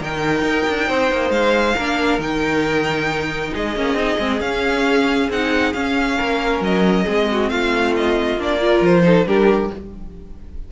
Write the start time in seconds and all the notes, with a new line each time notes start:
0.00 D#3 D#4 A#4 G5
0.43 D#4
0.69 D4
0.88 C4 C5
1.12 A#3
1.30 G#3 F5
1.76 A#3 D4 A#4
2.19 D#3 D#4 G5
3.54 G#3 G#4 D#5
3.76 A#3 C#4
3.94 C4 D#4
4.19 G#3 C4
4.41 C#4 F5
5.30 C4 D#4 F#5
5.74 C#4 F5
6.18 A#3 A#4
6.61 F#3 D#5
7.05 G#3 C4 G#4
7.32 F#4
7.50 A3 F4 F5
7.97 D#5
8.37 A#3 D4 D5
8.60 F4 A#4
8.82 F3 C5
9.03 D#4 A4
9.26 G3 D4 G4 A#4